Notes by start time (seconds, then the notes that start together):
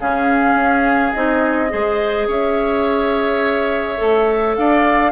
0.00 C#3 C#4 G#4 F5
0.55 C#4
1.13 C4 D#4 D#5
1.70 G#3 G#4 C5
2.28 C#4 C#5 E5
3.98 A3 A4
4.56 D4 D5 F5